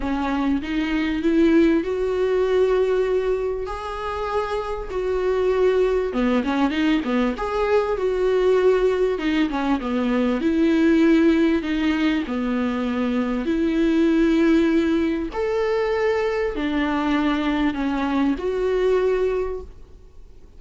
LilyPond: \new Staff \with { instrumentName = "viola" } { \time 4/4 \tempo 4 = 98 cis'4 dis'4 e'4 fis'4~ | fis'2 gis'2 | fis'2 b8 cis'8 dis'8 b8 | gis'4 fis'2 dis'8 cis'8 |
b4 e'2 dis'4 | b2 e'2~ | e'4 a'2 d'4~ | d'4 cis'4 fis'2 | }